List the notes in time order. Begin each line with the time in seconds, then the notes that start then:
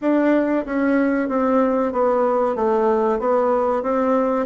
0.01 D4
0.65 C#4
1.29 C4
1.92 B3
2.55 A3
3.19 B3
3.83 C4